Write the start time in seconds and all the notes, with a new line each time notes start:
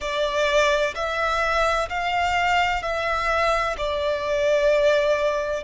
0.00 D5
0.95 E5
1.89 F5
2.82 E5
3.77 D5